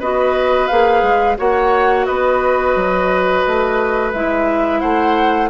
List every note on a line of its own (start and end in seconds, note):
0.00 0.69 B3
0.00 0.71 F#4
0.00 1.38 B4
0.00 0.68 D#5
0.68 1.03 A#3
0.68 1.38 G#4
0.68 1.37 F5
1.03 1.37 G#3
1.38 2.08 A#3
1.38 4.14 F#4
1.38 2.07 C#5
1.38 2.06 F#5
2.06 2.76 B3
2.06 4.81 B4
2.06 4.13 D#5
2.76 3.45 F#3
3.47 4.14 A3
4.13 4.83 G#3
4.13 5.50 E4
4.13 4.80 E5
4.80 5.50 A3
4.80 5.50 C5
4.80 5.49 F#5